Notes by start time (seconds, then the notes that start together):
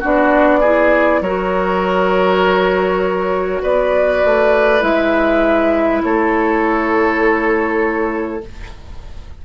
0.00 B3 D4 F#4 D5
0.60 E4 G#4
1.21 F#3 F#4 A#4 C#5
3.62 B3 B4 D5
4.25 A3
4.81 G#3 E4 E5
6.03 A3 A4 C#5